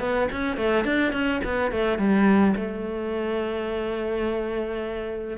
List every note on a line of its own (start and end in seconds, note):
0.00 0.28 B3
0.32 0.57 C#4
0.57 0.84 A3
0.84 1.12 D4
1.12 1.41 C#4
1.44 1.72 B3
1.72 1.98 A3
1.98 2.55 G3
2.56 5.37 A3